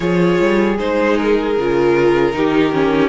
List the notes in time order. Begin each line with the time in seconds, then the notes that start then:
0.00 F3 F4 G#4 C#5
0.40 G3
0.78 G#3 D#4 C5
1.17 A#4
1.57 C#3 F4
2.33 D#3 D#4 G4
2.72 C#4